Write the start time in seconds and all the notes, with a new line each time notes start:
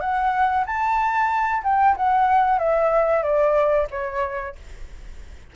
0.00 F#5
0.66 A5
1.64 G5
1.97 F#5
2.59 E5
3.23 D5
3.91 C#5